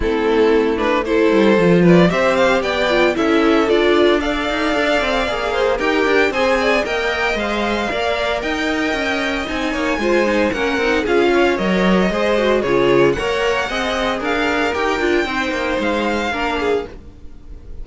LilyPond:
<<
  \new Staff \with { instrumentName = "violin" } { \time 4/4 \tempo 4 = 114 a'4. b'8 c''4. d''8 | e''8 f''8 g''4 e''4 d''4 | f''2. g''4 | gis''4 g''4 f''2 |
g''2 gis''2 | fis''4 f''4 dis''2 | cis''4 fis''2 f''4 | g''2 f''2 | }
  \new Staff \with { instrumentName = "violin" } { \time 4/4 e'2 a'4. b'8 | c''4 d''4 a'2 | d''2~ d''8 c''8 ais'4 | c''8 d''8 dis''2 d''4 |
dis''2~ dis''8 cis''8 c''4 | ais'4 gis'8 cis''4. c''4 | gis'4 cis''4 dis''4 ais'4~ | ais'4 c''2 ais'8 gis'8 | }
  \new Staff \with { instrumentName = "viola" } { \time 4/4 c'4. d'8 e'4 f'4 | g'4. f'8 e'4 f'4 | a'2 gis'4 g'4 | gis'4 ais'4 c''4 ais'4~ |
ais'2 dis'4 f'8 dis'8 | cis'8 dis'8 f'4 ais'4 gis'8 fis'8 | f'4 ais'4 gis'2 | g'8 f'8 dis'2 d'4 | }
  \new Staff \with { instrumentName = "cello" } { \time 4/4 a2~ a8 g8 f4 | c'4 b4 cis'4 d'4~ | d'8 dis'8 d'8 c'8 ais4 dis'8 d'8 | c'4 ais4 gis4 ais4 |
dis'4 cis'4 c'8 ais8 gis4 | ais8 c'8 cis'4 fis4 gis4 | cis4 ais4 c'4 d'4 | dis'8 d'8 c'8 ais8 gis4 ais4 | }
>>